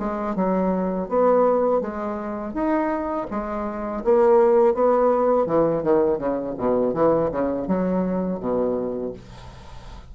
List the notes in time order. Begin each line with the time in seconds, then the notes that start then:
0.00 G#3
0.36 F#3
1.09 B3
1.81 G#3
2.54 D#4
3.31 G#3
4.05 A#3
4.75 B3
5.47 E3
5.83 D#3
6.19 C#3
6.58 B2
6.94 E3
7.32 C#3
7.68 F#3
8.40 B2